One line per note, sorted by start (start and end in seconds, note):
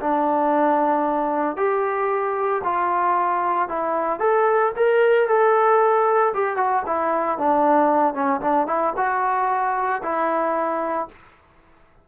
0.00 1.57 D4
1.57 2.62 G4
2.64 3.68 F4
3.68 4.19 E4
4.19 4.72 A4
4.76 5.28 A#4
5.28 6.33 A4
6.34 6.56 G4
6.56 6.83 F#4
6.86 7.38 E4
7.38 8.14 D4
8.14 8.41 C#4
8.41 8.67 D4
8.67 8.93 E4
8.96 10.02 F#4
10.03 11.08 E4